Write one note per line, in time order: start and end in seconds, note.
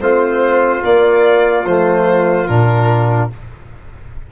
0.00 0.82 A3
0.00 0.82 C4
0.00 3.31 F4
0.00 0.83 C5
0.82 1.64 A#3
0.82 1.65 A#3
0.82 1.65 D5
1.65 2.47 F3
1.65 2.48 A3
1.65 2.47 C5
2.47 3.31 A#2
2.47 3.30 D4
2.47 3.29 A#4